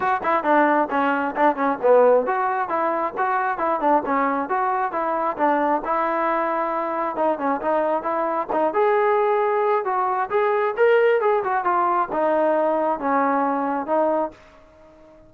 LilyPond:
\new Staff \with { instrumentName = "trombone" } { \time 4/4 \tempo 4 = 134 fis'8 e'8 d'4 cis'4 d'8 cis'8 | b4 fis'4 e'4 fis'4 | e'8 d'8 cis'4 fis'4 e'4 | d'4 e'2. |
dis'8 cis'8 dis'4 e'4 dis'8 gis'8~ | gis'2 fis'4 gis'4 | ais'4 gis'8 fis'8 f'4 dis'4~ | dis'4 cis'2 dis'4 | }